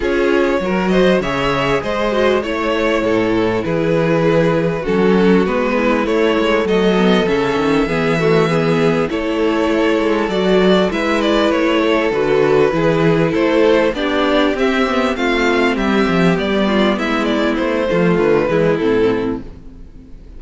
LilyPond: <<
  \new Staff \with { instrumentName = "violin" } { \time 4/4 \tempo 4 = 99 cis''4. dis''8 e''4 dis''4 | cis''2 b'2 | a'4 b'4 cis''4 dis''4 | e''2. cis''4~ |
cis''4 d''4 e''8 d''8 cis''4 | b'2 c''4 d''4 | e''4 f''4 e''4 d''4 | e''8 d''8 c''4 b'4 a'4 | }
  \new Staff \with { instrumentName = "violin" } { \time 4/4 gis'4 ais'8 c''8 cis''4 c''4 | cis''4 a'4 gis'2 | fis'4. e'4. a'4~ | a'4 gis'8 fis'8 gis'4 a'4~ |
a'2 b'4. a'8~ | a'4 gis'4 a'4 g'4~ | g'4 f'4 g'4. f'8 | e'4. f'4 e'4. | }
  \new Staff \with { instrumentName = "viola" } { \time 4/4 f'4 fis'4 gis'4. fis'8 | e'1 | cis'4 b4 a4. b8 | cis'4 b8 a8 b4 e'4~ |
e'4 fis'4 e'2 | fis'4 e'2 d'4 | c'8 b8 c'2 b4~ | b4. a4 gis8 c'4 | }
  \new Staff \with { instrumentName = "cello" } { \time 4/4 cis'4 fis4 cis4 gis4 | a4 a,4 e2 | fis4 gis4 a8 gis8 fis4 | cis8 dis8 e2 a4~ |
a8 gis8 fis4 gis4 a4 | d4 e4 a4 b4 | c'4 a4 g8 f8 g4 | gis4 a8 f8 d8 e8 a,4 | }
>>